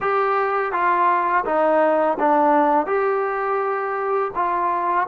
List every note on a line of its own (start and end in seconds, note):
0.00 0.72 G4
0.72 1.44 F4
1.45 2.17 D#4
2.19 2.86 D4
2.86 4.31 G4
4.35 5.07 F4